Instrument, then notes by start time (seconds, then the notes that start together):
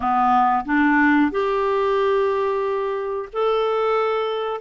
clarinet
0.00 B3
0.65 D4
1.31 G4
3.33 A4